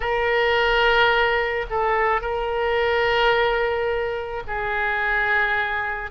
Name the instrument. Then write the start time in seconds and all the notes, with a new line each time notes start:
oboe
0.00 A#4
1.70 A4
2.21 A#4
4.47 G#4